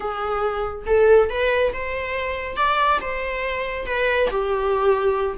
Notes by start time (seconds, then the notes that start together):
0.00 G#4
0.86 A4
1.29 B4
1.73 C5
2.56 D5
3.01 C5
3.86 B4
4.30 G4